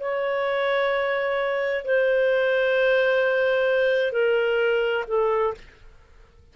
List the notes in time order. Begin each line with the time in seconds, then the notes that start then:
0.00 C#5
1.85 C5
4.12 A#4
5.08 A4